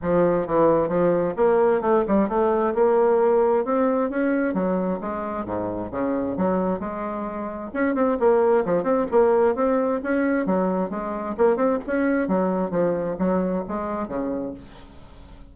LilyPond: \new Staff \with { instrumentName = "bassoon" } { \time 4/4 \tempo 4 = 132 f4 e4 f4 ais4 | a8 g8 a4 ais2 | c'4 cis'4 fis4 gis4 | gis,4 cis4 fis4 gis4~ |
gis4 cis'8 c'8 ais4 f8 c'8 | ais4 c'4 cis'4 fis4 | gis4 ais8 c'8 cis'4 fis4 | f4 fis4 gis4 cis4 | }